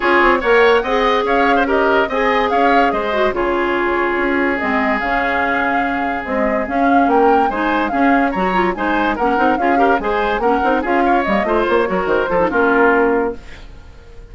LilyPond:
<<
  \new Staff \with { instrumentName = "flute" } { \time 4/4 \tempo 4 = 144 cis''4 fis''2 f''4 | dis''4 gis''4 f''4 dis''4 | cis''2. dis''4 | f''2. dis''4 |
f''4 g''4 gis''4 f''4 | ais''4 gis''4 fis''4 f''4 | gis''4 fis''4 f''4 dis''4 | cis''4 c''4 ais'2 | }
  \new Staff \with { instrumentName = "oboe" } { \time 4/4 gis'4 cis''4 dis''4 cis''8. c''16 | ais'4 dis''4 cis''4 c''4 | gis'1~ | gis'1~ |
gis'4 ais'4 c''4 gis'4 | cis''4 c''4 ais'4 gis'8 ais'8 | c''4 ais'4 gis'8 cis''4 c''8~ | c''8 ais'4 a'8 f'2 | }
  \new Staff \with { instrumentName = "clarinet" } { \time 4/4 f'4 ais'4 gis'2 | g'4 gis'2~ gis'8 fis'8 | f'2. c'4 | cis'2. gis4 |
cis'2 dis'4 cis'4 | fis'8 f'8 dis'4 cis'8 dis'8 f'8 g'8 | gis'4 cis'8 dis'8 f'4 ais8 f'8~ | f'8 fis'4 f'16 dis'16 cis'2 | }
  \new Staff \with { instrumentName = "bassoon" } { \time 4/4 cis'8 c'8 ais4 c'4 cis'4~ | cis'4 c'4 cis'4 gis4 | cis2 cis'4 gis4 | cis2. c'4 |
cis'4 ais4 gis4 cis'4 | fis4 gis4 ais8 c'8 cis'4 | gis4 ais8 c'8 cis'4 g8 a8 | ais8 fis8 dis8 f8 ais2 | }
>>